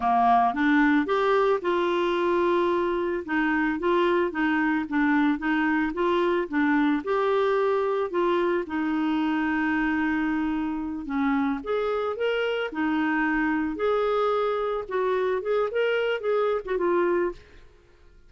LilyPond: \new Staff \with { instrumentName = "clarinet" } { \time 4/4 \tempo 4 = 111 ais4 d'4 g'4 f'4~ | f'2 dis'4 f'4 | dis'4 d'4 dis'4 f'4 | d'4 g'2 f'4 |
dis'1~ | dis'8 cis'4 gis'4 ais'4 dis'8~ | dis'4. gis'2 fis'8~ | fis'8 gis'8 ais'4 gis'8. fis'16 f'4 | }